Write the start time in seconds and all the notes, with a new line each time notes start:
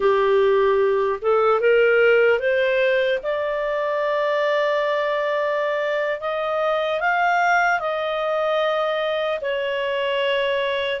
0.00 G4
1.21 A4
1.60 A#4
2.39 C5
3.22 D5
6.20 D#5
7.00 F5
7.79 D#5
9.41 C#5